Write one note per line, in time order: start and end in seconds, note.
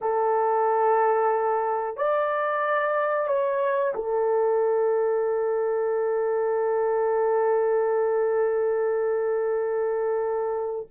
0.01 1.97 A4
1.97 3.27 D5
3.27 3.93 C#5
3.94 10.86 A4